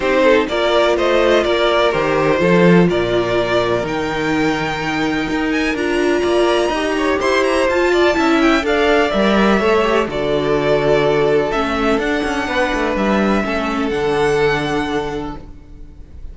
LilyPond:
<<
  \new Staff \with { instrumentName = "violin" } { \time 4/4 \tempo 4 = 125 c''4 d''4 dis''4 d''4 | c''2 d''2 | g''2.~ g''8 gis''8 | ais''2. c'''8 ais''8 |
a''4. g''8 f''4 e''4~ | e''4 d''2. | e''4 fis''2 e''4~ | e''4 fis''2. | }
  \new Staff \with { instrumentName = "violin" } { \time 4/4 g'8 a'8 ais'4 c''4 ais'4~ | ais'4 a'4 ais'2~ | ais'1~ | ais'4 d''4 dis''8 cis''8 c''4~ |
c''8 d''8 e''4 d''2 | cis''4 a'2.~ | a'2 b'2 | a'1 | }
  \new Staff \with { instrumentName = "viola" } { \time 4/4 dis'4 f'2. | g'4 f'2. | dis'1 | f'2 g'2 |
f'4 e'4 a'4 ais'4 | a'8 g'8 fis'2. | cis'4 d'2. | cis'4 d'2. | }
  \new Staff \with { instrumentName = "cello" } { \time 4/4 c'4 ais4 a4 ais4 | dis4 f4 ais,2 | dis2. dis'4 | d'4 ais4 dis'4 e'4 |
f'4 cis'4 d'4 g4 | a4 d2. | a4 d'8 cis'8 b8 a8 g4 | a4 d2. | }
>>